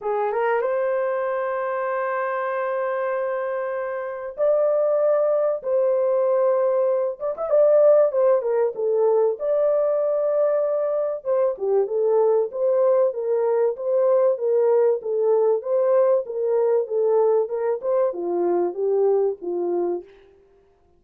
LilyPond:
\new Staff \with { instrumentName = "horn" } { \time 4/4 \tempo 4 = 96 gis'8 ais'8 c''2.~ | c''2. d''4~ | d''4 c''2~ c''8 d''16 e''16 | d''4 c''8 ais'8 a'4 d''4~ |
d''2 c''8 g'8 a'4 | c''4 ais'4 c''4 ais'4 | a'4 c''4 ais'4 a'4 | ais'8 c''8 f'4 g'4 f'4 | }